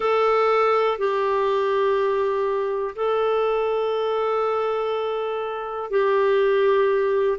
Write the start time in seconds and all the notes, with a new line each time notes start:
0.00 A4
0.97 G4
2.95 A4
5.90 G4